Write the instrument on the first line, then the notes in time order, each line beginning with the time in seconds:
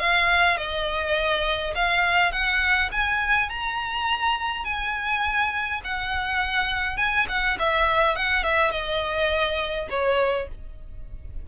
violin
0.00 F5
0.58 D#5
1.76 F5
2.32 F#5
2.92 G#5
3.50 A#5
4.65 G#5
5.85 F#5
6.98 G#5
7.29 F#5
7.60 E5
8.16 F#5
8.44 E5
8.72 D#5
9.90 C#5